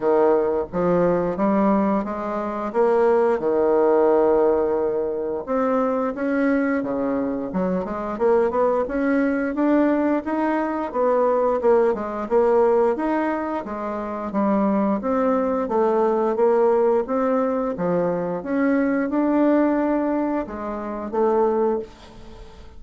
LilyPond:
\new Staff \with { instrumentName = "bassoon" } { \time 4/4 \tempo 4 = 88 dis4 f4 g4 gis4 | ais4 dis2. | c'4 cis'4 cis4 fis8 gis8 | ais8 b8 cis'4 d'4 dis'4 |
b4 ais8 gis8 ais4 dis'4 | gis4 g4 c'4 a4 | ais4 c'4 f4 cis'4 | d'2 gis4 a4 | }